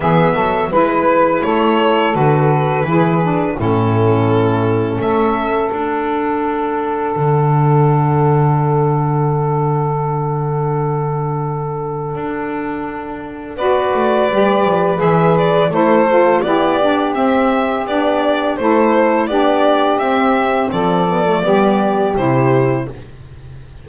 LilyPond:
<<
  \new Staff \with { instrumentName = "violin" } { \time 4/4 \tempo 4 = 84 e''4 b'4 cis''4 b'4~ | b'4 a'2 e''4 | fis''1~ | fis''1~ |
fis''2. d''4~ | d''4 e''8 d''8 c''4 d''4 | e''4 d''4 c''4 d''4 | e''4 d''2 c''4 | }
  \new Staff \with { instrumentName = "saxophone" } { \time 4/4 gis'8 a'8 b'4 a'2 | gis'4 e'2 a'4~ | a'1~ | a'1~ |
a'2. b'4~ | b'2 a'4 g'4~ | g'2 a'4 g'4~ | g'4 a'4 g'2 | }
  \new Staff \with { instrumentName = "saxophone" } { \time 4/4 b4 e'2 fis'4 | e'8 d'8 cis'2. | d'1~ | d'1~ |
d'2. fis'4 | g'4 gis'4 e'8 f'8 e'8 d'8 | c'4 d'4 e'4 d'4 | c'4. b16 a16 b4 e'4 | }
  \new Staff \with { instrumentName = "double bass" } { \time 4/4 e8 fis8 gis4 a4 d4 | e4 a,2 a4 | d'2 d2~ | d1~ |
d4 d'2 b8 a8 | g8 f8 e4 a4 b4 | c'4 b4 a4 b4 | c'4 f4 g4 c4 | }
>>